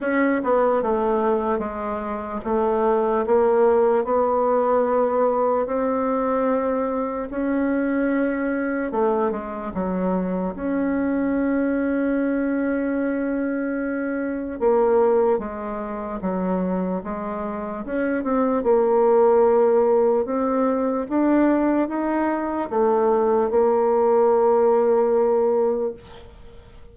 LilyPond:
\new Staff \with { instrumentName = "bassoon" } { \time 4/4 \tempo 4 = 74 cis'8 b8 a4 gis4 a4 | ais4 b2 c'4~ | c'4 cis'2 a8 gis8 | fis4 cis'2.~ |
cis'2 ais4 gis4 | fis4 gis4 cis'8 c'8 ais4~ | ais4 c'4 d'4 dis'4 | a4 ais2. | }